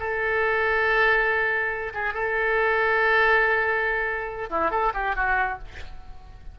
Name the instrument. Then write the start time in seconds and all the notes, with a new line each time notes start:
oboe
0.00 A4
1.94 G#4
2.14 A4
4.50 E4
4.71 A4
4.94 G4
5.16 F#4